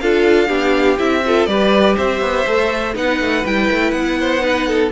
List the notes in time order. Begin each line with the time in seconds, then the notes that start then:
0.00 D4 F4 A4 F5
0.47 B3 D4 G4
0.98 C4 E4 E5
1.25 F4 A4
1.46 G3 G4 B4 D5
1.96 C4 C5 E5
2.21 B3
2.47 A3 A4
2.94 B3 D#4 B4 F#5
3.20 A3
3.45 G3 E4 G5
3.71 A3
3.91 B3 F#5
4.20 C5
4.41 D#4 B4
4.68 A4